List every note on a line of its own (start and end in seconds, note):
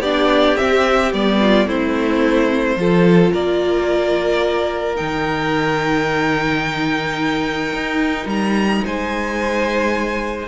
0.00 0.55 B3
0.00 0.57 D4
0.00 1.39 G4
0.00 0.57 D5
0.57 1.12 C4
0.57 1.13 C4
0.57 1.12 E5
1.13 1.66 G3
1.13 1.69 B3
1.13 1.68 D5
1.40 1.68 F4
1.66 2.76 A3
1.66 2.78 C4
1.66 2.78 E4
1.66 3.33 C5
2.76 3.31 F3
2.76 4.96 F4
2.76 3.33 A4
3.33 5.00 A#3
3.33 8.84 A#4
3.33 4.96 D5
4.96 7.73 D#3
4.96 10.46 D#4
4.96 8.27 G5
7.73 8.26 D#4
8.26 8.81 G3
8.26 8.85 A#5
8.85 10.48 G#3
8.85 10.48 C5
8.85 10.48 G#5